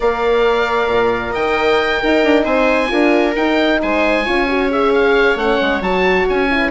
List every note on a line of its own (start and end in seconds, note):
0.00 0.87 A#3
0.00 2.01 A#4
0.00 1.31 D5
0.00 1.34 F5
0.87 1.32 A#2
1.31 2.02 D#3
1.31 1.99 D#5
1.31 2.45 G5
2.00 2.23 D#4
2.00 2.87 D#4
2.00 2.44 A#4
2.23 2.45 D4
2.44 2.89 C4
2.44 2.89 C5
2.44 3.34 G#5
2.87 3.35 D4
2.87 3.32 F4
2.87 3.80 A#4
3.35 3.80 D#4
3.35 4.24 D#4
3.35 3.80 G5
3.82 4.27 G#3
3.82 4.25 C5
3.82 4.71 G#5
4.24 5.35 C#4
4.24 4.47 F4
4.24 6.58 C#5
4.49 4.70 F#4
4.70 5.37 G#4
4.70 4.92 E5
4.92 5.37 F5
5.35 5.57 A3
5.35 5.82 C#4
5.35 5.82 F#5
5.61 5.81 G#3
5.81 6.25 F#3
5.81 6.49 F#4
5.81 6.27 A5
6.29 6.71 C#4
6.29 6.71 G#5
6.50 6.71 E4
6.58 6.69 B4